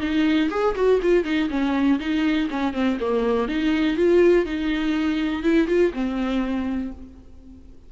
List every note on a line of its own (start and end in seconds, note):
0.00 0.49 D#4
0.50 0.75 G#4
0.75 1.00 F#4
1.02 1.24 F4
1.24 1.48 D#4
1.50 1.99 C#4
1.99 2.48 D#4
2.50 2.73 C#4
2.73 2.98 C4
3.00 3.48 A#3
3.48 3.96 D#4
3.96 4.45 F4
4.45 5.43 D#4
5.43 5.67 E4
5.67 5.92 F4
5.93 6.91 C4